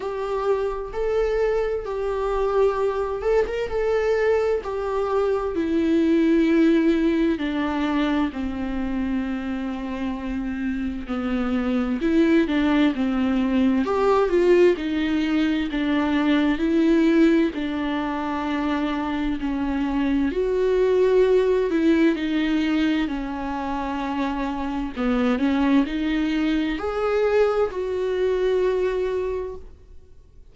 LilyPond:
\new Staff \with { instrumentName = "viola" } { \time 4/4 \tempo 4 = 65 g'4 a'4 g'4. a'16 ais'16 | a'4 g'4 e'2 | d'4 c'2. | b4 e'8 d'8 c'4 g'8 f'8 |
dis'4 d'4 e'4 d'4~ | d'4 cis'4 fis'4. e'8 | dis'4 cis'2 b8 cis'8 | dis'4 gis'4 fis'2 | }